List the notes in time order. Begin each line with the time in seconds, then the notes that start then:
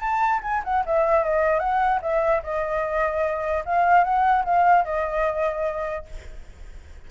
0.00 A5
0.42 G#5
0.64 F#5
0.86 E5
1.24 D#5
1.59 F#5
2.02 E5
2.43 D#5
3.66 F5
4.04 F#5
4.45 F5
4.84 D#5